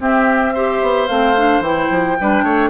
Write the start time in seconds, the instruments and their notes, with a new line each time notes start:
0.00 clarinet C4, bassoon C4, oboe G4, flute E5
0.54 clarinet G4, oboe C5
0.82 bassoon B3
1.08 bassoon A3, clarinet C4, flute F5
1.37 clarinet D4
1.60 bassoon E3, clarinet E4, flute G5
1.91 bassoon F3
2.20 bassoon G3, clarinet D4, oboe B4
2.44 bassoon A3, oboe C#5